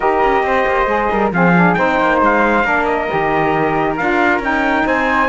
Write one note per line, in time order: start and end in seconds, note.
0.00 0.23 D#4
0.00 0.86 G4
0.00 0.44 A#4
0.00 1.31 D#5
0.23 0.42 C#4
0.42 0.64 C4
0.42 1.10 C5
0.67 0.86 A#3
0.86 1.08 G#3
0.86 1.30 G#4
1.10 1.31 G3
1.10 1.32 A#4
1.31 1.75 F3
1.31 1.55 C4
1.31 1.78 G#4
1.31 1.73 F5
1.55 1.76 D4
1.73 2.00 C4
1.73 2.63 D#4
1.73 2.64 C5
1.73 2.18 G5
2.00 2.21 A#3
2.21 2.64 G#3
2.21 2.85 F5
2.63 3.08 A#3
2.63 3.07 D4
2.63 4.85 A#4
2.85 3.95 D#5
3.08 4.00 D#3
3.08 3.96 G4
3.97 4.39 D4
3.97 4.41 F4
3.97 4.41 F5
4.39 4.83 C#4
4.39 5.28 D#4
4.39 4.87 G5
4.85 5.28 C4
4.85 5.28 C5
4.85 5.28 G#5